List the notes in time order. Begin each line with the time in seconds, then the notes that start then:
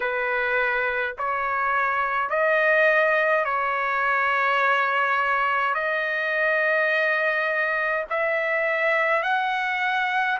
0.00 B4
1.17 C#5
2.29 D#5
3.45 C#5
5.74 D#5
8.10 E5
9.23 F#5